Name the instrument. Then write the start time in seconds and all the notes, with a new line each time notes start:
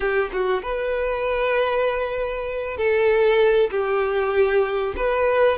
violin
0.00 G4
0.32 F#4
0.62 B4
2.77 A4
3.70 G4
4.96 B4